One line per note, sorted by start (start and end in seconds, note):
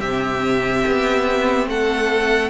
0.00 0.84 C3
0.00 2.50 C4
0.00 1.67 G4
0.00 1.67 E5
0.87 1.67 B3
1.67 2.50 A3
1.67 2.50 A4
1.67 2.50 F#5